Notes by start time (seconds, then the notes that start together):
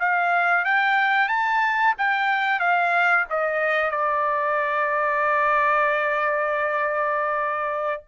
0.00 F5
0.65 G5
1.29 A5
1.98 G5
2.60 F5
3.31 D#5
3.91 D5